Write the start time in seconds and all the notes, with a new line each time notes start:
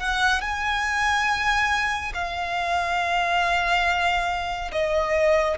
0.00 F#5
0.41 G#5
2.14 F5
4.72 D#5